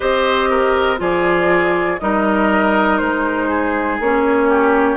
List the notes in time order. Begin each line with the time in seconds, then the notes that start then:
0.00 C4 G4 C5 D#5
0.50 A#4
0.97 F3 F4 G#4 D5
1.99 G3 D#4 A#4 D#5
2.97 G#3 C5
3.49 G#4
3.99 A#3 C#4 C#5
4.49 G4